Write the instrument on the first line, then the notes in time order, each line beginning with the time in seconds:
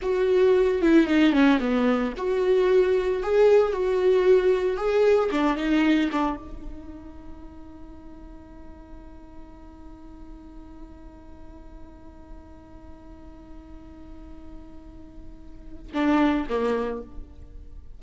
viola
0.01 F#4
0.81 E4
1.06 D#4
1.32 C#4
1.60 B3
2.17 F#4
3.22 G#4
3.73 F#4
4.76 G#4
5.31 D4
5.56 D#4
6.12 D4
6.36 D#4
15.93 D4
16.49 A#3